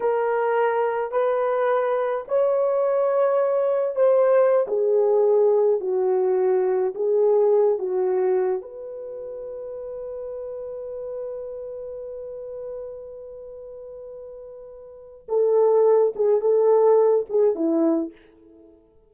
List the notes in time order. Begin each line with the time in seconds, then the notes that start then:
0.00 A#4
1.11 B4
2.27 C#5
3.95 C5
4.67 G#4
5.80 F#4
6.95 G#4
7.78 F#4
8.61 B4
15.28 A4
16.15 G#4
16.40 A4
17.29 G#4
17.55 E4